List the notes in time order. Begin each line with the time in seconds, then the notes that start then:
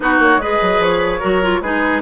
0.00 B3 D#4 F#4 B4
0.19 A#3 C#5
0.37 G#3 G#4 B4 D#5
0.61 F#3
0.79 F3 C#5
1.19 F#3 F#4 A#4
1.42 F4
1.61 G#3 D#4 G#4 B4